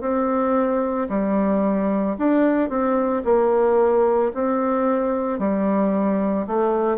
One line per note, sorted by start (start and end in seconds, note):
0.00 1.07 C4
1.09 2.16 G3
2.18 2.69 D4
2.69 3.22 C4
3.24 4.31 A#3
4.34 5.39 C4
5.39 6.46 G3
6.47 6.97 A3